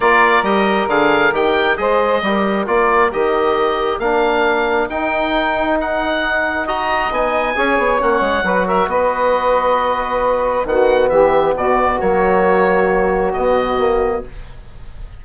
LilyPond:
<<
  \new Staff \with { instrumentName = "oboe" } { \time 4/4 \tempo 4 = 135 d''4 dis''4 f''4 g''4 | dis''2 d''4 dis''4~ | dis''4 f''2 g''4~ | g''4 fis''2 ais''4 |
gis''2 fis''4. e''8 | dis''1 | fis''4 e''4 d''4 cis''4~ | cis''2 dis''2 | }
  \new Staff \with { instrumentName = "saxophone" } { \time 4/4 ais'1 | c''4 ais'2.~ | ais'1~ | ais'2. dis''4~ |
dis''4 cis''2 b'8 ais'8 | b'1 | fis'4 g'4 fis'2~ | fis'1 | }
  \new Staff \with { instrumentName = "trombone" } { \time 4/4 f'4 g'4 gis'4 g'4 | gis'4 g'4 f'4 g'4~ | g'4 d'2 dis'4~ | dis'2. fis'4 |
dis'4 gis'4 cis'4 fis'4~ | fis'1 | b2. ais4~ | ais2 b4 ais4 | }
  \new Staff \with { instrumentName = "bassoon" } { \time 4/4 ais4 g4 d4 dis4 | gis4 g4 ais4 dis4~ | dis4 ais2 dis'4~ | dis'1 |
b4 cis'8 b8 ais8 gis8 fis4 | b1 | dis4 e4 b,4 fis4~ | fis2 b,2 | }
>>